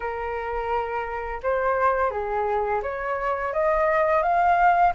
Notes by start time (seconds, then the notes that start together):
0.00 A#4
1.42 C5
2.10 G#4
2.82 C#5
3.53 D#5
4.22 F5